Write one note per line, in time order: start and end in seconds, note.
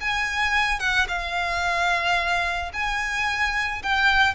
0.00 0.79 G#5
0.79 1.06 F#5
1.08 2.71 F5
2.73 3.82 G#5
3.82 4.34 G5